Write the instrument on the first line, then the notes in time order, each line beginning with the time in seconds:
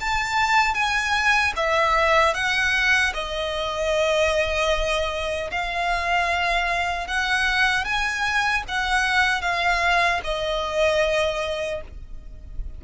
violin
0.00 A5
0.74 G#5
1.56 E5
2.34 F#5
3.14 D#5
5.51 F5
7.07 F#5
7.84 G#5
8.68 F#5
9.42 F5
10.24 D#5